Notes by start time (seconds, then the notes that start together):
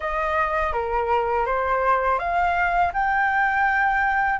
0.00 D#5
0.73 A#4
1.45 C5
2.19 F5
2.93 G5